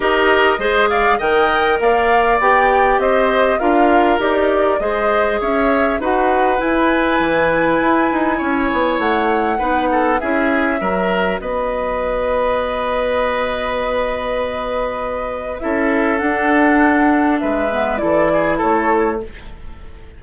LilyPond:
<<
  \new Staff \with { instrumentName = "flute" } { \time 4/4 \tempo 4 = 100 dis''4. f''8 g''4 f''4 | g''4 dis''4 f''4 d''4 | dis''4 e''4 fis''4 gis''4~ | gis''2. fis''4~ |
fis''4 e''2 dis''4~ | dis''1~ | dis''2 e''4 fis''4~ | fis''4 e''4 d''4 cis''4 | }
  \new Staff \with { instrumentName = "oboe" } { \time 4/4 ais'4 c''8 d''8 dis''4 d''4~ | d''4 c''4 ais'2 | c''4 cis''4 b'2~ | b'2 cis''2 |
b'8 a'8 gis'4 ais'4 b'4~ | b'1~ | b'2 a'2~ | a'4 b'4 a'8 gis'8 a'4 | }
  \new Staff \with { instrumentName = "clarinet" } { \time 4/4 g'4 gis'4 ais'2 | g'2 f'4 g'4 | gis'2 fis'4 e'4~ | e'1 |
dis'4 e'4 fis'2~ | fis'1~ | fis'2 e'4 d'4~ | d'4. b8 e'2 | }
  \new Staff \with { instrumentName = "bassoon" } { \time 4/4 dis'4 gis4 dis4 ais4 | b4 c'4 d'4 dis'4 | gis4 cis'4 dis'4 e'4 | e4 e'8 dis'8 cis'8 b8 a4 |
b4 cis'4 fis4 b4~ | b1~ | b2 cis'4 d'4~ | d'4 gis4 e4 a4 | }
>>